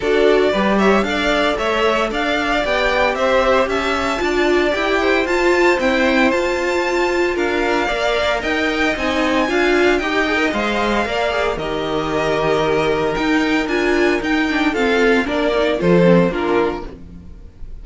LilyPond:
<<
  \new Staff \with { instrumentName = "violin" } { \time 4/4 \tempo 4 = 114 d''4. e''8 f''4 e''4 | f''4 g''4 e''4 a''4~ | a''4 g''4 a''4 g''4 | a''2 f''2 |
g''4 gis''2 g''4 | f''2 dis''2~ | dis''4 g''4 gis''4 g''4 | f''4 d''4 c''4 ais'4 | }
  \new Staff \with { instrumentName = "violin" } { \time 4/4 a'4 b'8 cis''8 d''4 cis''4 | d''2 c''4 e''4 | d''4. c''2~ c''8~ | c''2 ais'4 d''4 |
dis''2 f''4 dis''4~ | dis''4 d''4 ais'2~ | ais'1 | a'4 ais'4 a'4 f'4 | }
  \new Staff \with { instrumentName = "viola" } { \time 4/4 fis'4 g'4 a'2~ | a'4 g'2. | f'4 g'4 f'4 c'4 | f'2. ais'4~ |
ais'4 dis'4 f'4 g'8 gis'16 ais'16 | c''4 ais'8 gis'8 g'2~ | g'4 dis'4 f'4 dis'8 d'8 | c'4 d'8 dis'8 f'8 c'8 d'4 | }
  \new Staff \with { instrumentName = "cello" } { \time 4/4 d'4 g4 d'4 a4 | d'4 b4 c'4 cis'4 | d'4 e'4 f'4 e'4 | f'2 d'4 ais4 |
dis'4 c'4 d'4 dis'4 | gis4 ais4 dis2~ | dis4 dis'4 d'4 dis'4 | f'4 ais4 f4 ais4 | }
>>